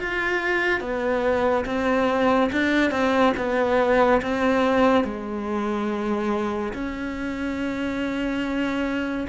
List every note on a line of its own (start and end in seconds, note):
0.00 0.81 F4
0.81 1.65 B3
1.66 2.50 C4
2.53 2.91 D4
2.91 3.33 C4
3.37 4.22 B3
4.22 5.04 C4
5.04 6.73 G#3
6.74 9.27 C#4